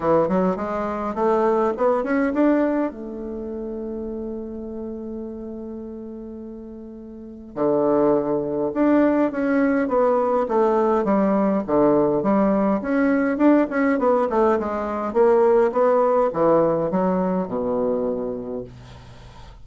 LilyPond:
\new Staff \with { instrumentName = "bassoon" } { \time 4/4 \tempo 4 = 103 e8 fis8 gis4 a4 b8 cis'8 | d'4 a2.~ | a1~ | a4 d2 d'4 |
cis'4 b4 a4 g4 | d4 g4 cis'4 d'8 cis'8 | b8 a8 gis4 ais4 b4 | e4 fis4 b,2 | }